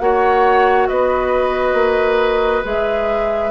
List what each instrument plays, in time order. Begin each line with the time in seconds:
0.00 bassoon A#3, clarinet F#4, oboe C#5, flute F#5
0.88 bassoon B3, oboe B4, flute D#5
1.74 bassoon A#3
2.64 bassoon G#3, clarinet G#4, flute E5